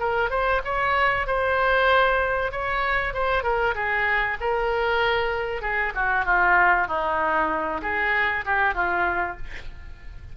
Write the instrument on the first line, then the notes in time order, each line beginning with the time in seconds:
oboe
0.00 A#4
0.30 C5
0.65 C#5
1.27 C5
2.52 C#5
3.14 C5
3.43 A#4
3.75 G#4
4.41 A#4
5.62 G#4
5.95 F#4
6.26 F4
6.88 D#4
7.82 G#4
8.45 G4
8.75 F4